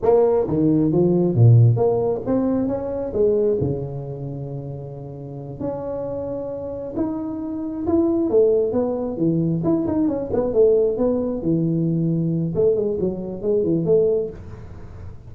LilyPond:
\new Staff \with { instrumentName = "tuba" } { \time 4/4 \tempo 4 = 134 ais4 dis4 f4 ais,4 | ais4 c'4 cis'4 gis4 | cis1~ | cis8 cis'2. dis'8~ |
dis'4. e'4 a4 b8~ | b8 e4 e'8 dis'8 cis'8 b8 a8~ | a8 b4 e2~ e8 | a8 gis8 fis4 gis8 e8 a4 | }